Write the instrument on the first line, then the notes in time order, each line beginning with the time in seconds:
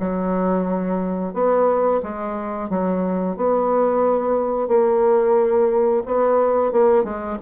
bassoon
0.00 F#3
1.33 B3
2.03 G#3
2.69 F#3
3.36 B3
4.68 A#3
6.06 B3
6.72 A#3
7.04 G#3